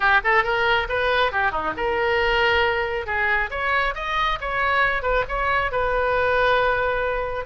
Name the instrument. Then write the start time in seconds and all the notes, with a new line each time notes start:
oboe
0.00 G4
0.23 A4
0.43 A#4
0.88 B4
1.32 G4
1.51 D#4
1.76 A#4
3.06 G#4
3.50 C#5
3.95 D#5
4.40 C#5
5.02 B4
5.28 C#5
5.71 B4